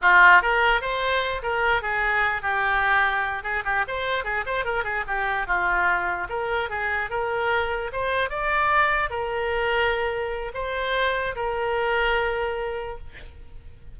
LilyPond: \new Staff \with { instrumentName = "oboe" } { \time 4/4 \tempo 4 = 148 f'4 ais'4 c''4. ais'8~ | ais'8 gis'4. g'2~ | g'8 gis'8 g'8 c''4 gis'8 c''8 ais'8 | gis'8 g'4 f'2 ais'8~ |
ais'8 gis'4 ais'2 c''8~ | c''8 d''2 ais'4.~ | ais'2 c''2 | ais'1 | }